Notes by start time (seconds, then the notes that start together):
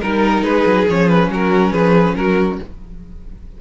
0.00 G3 D#4 A#4
0.42 G#3 G#4 B4
0.66 F#3
0.90 F3 C#4 C#5
1.09 B4
1.29 F#3 F#4 A#4
1.72 F3 G#4 B4
2.15 F#3 F#4 A#4